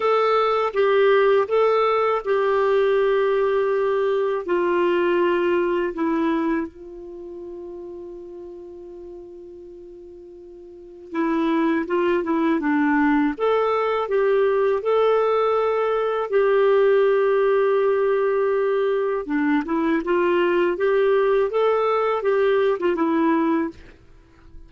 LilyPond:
\new Staff \with { instrumentName = "clarinet" } { \time 4/4 \tempo 4 = 81 a'4 g'4 a'4 g'4~ | g'2 f'2 | e'4 f'2.~ | f'2. e'4 |
f'8 e'8 d'4 a'4 g'4 | a'2 g'2~ | g'2 d'8 e'8 f'4 | g'4 a'4 g'8. f'16 e'4 | }